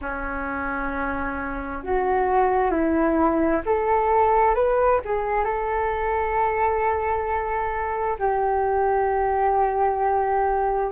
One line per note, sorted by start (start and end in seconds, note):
0.01 1.83 C#4
1.83 2.70 F#4
2.70 3.61 E4
3.65 4.55 A4
4.55 5.00 B4
5.05 5.44 G#4
5.44 8.17 A4
8.18 10.91 G4